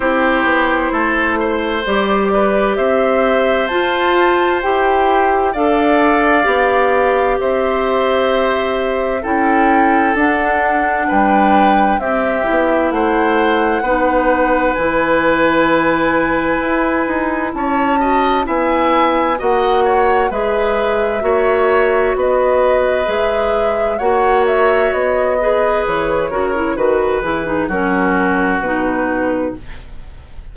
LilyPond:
<<
  \new Staff \with { instrumentName = "flute" } { \time 4/4 \tempo 4 = 65 c''2 d''4 e''4 | a''4 g''4 f''2 | e''2 g''4 fis''4 | g''4 e''4 fis''2 |
gis''2. a''4 | gis''4 fis''4 e''2 | dis''4 e''4 fis''8 e''8 dis''4 | cis''4 b'8 gis'8 ais'4 b'4 | }
  \new Staff \with { instrumentName = "oboe" } { \time 4/4 g'4 a'8 c''4 b'8 c''4~ | c''2 d''2 | c''2 a'2 | b'4 g'4 c''4 b'4~ |
b'2. cis''8 dis''8 | e''4 dis''8 cis''8 b'4 cis''4 | b'2 cis''4. b'8~ | b'8 ais'8 b'4 fis'2 | }
  \new Staff \with { instrumentName = "clarinet" } { \time 4/4 e'2 g'2 | f'4 g'4 a'4 g'4~ | g'2 e'4 d'4~ | d'4 c'8 e'4. dis'4 |
e'2.~ e'8 fis'8 | e'4 fis'4 gis'4 fis'4~ | fis'4 gis'4 fis'4. gis'8~ | gis'8 fis'16 e'16 fis'8 e'16 dis'16 cis'4 dis'4 | }
  \new Staff \with { instrumentName = "bassoon" } { \time 4/4 c'8 b8 a4 g4 c'4 | f'4 e'4 d'4 b4 | c'2 cis'4 d'4 | g4 c'8 b8 a4 b4 |
e2 e'8 dis'8 cis'4 | b4 ais4 gis4 ais4 | b4 gis4 ais4 b4 | e8 cis8 dis8 e8 fis4 b,4 | }
>>